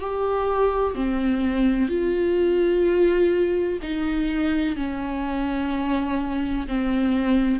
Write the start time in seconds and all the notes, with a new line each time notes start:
0.00 G4
0.95 C4
1.89 F4
3.83 D#4
4.77 C#4
6.68 C4